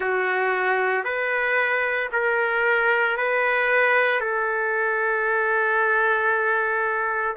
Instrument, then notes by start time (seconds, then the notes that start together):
trumpet
0.00 F#4
1.04 B4
2.12 A#4
3.17 B4
4.20 A4